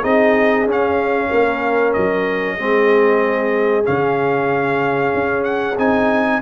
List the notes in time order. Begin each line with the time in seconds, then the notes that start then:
0.00 C4 D#4 G#4 D#5
0.66 C#4 F5
1.30 A#3 A#4
1.93 F#3 D#5
2.58 G#3 C4 G#4
3.84 C#3 C#4 F5
5.14 C#4
5.45 F#5
5.78 C4 D#4 G#5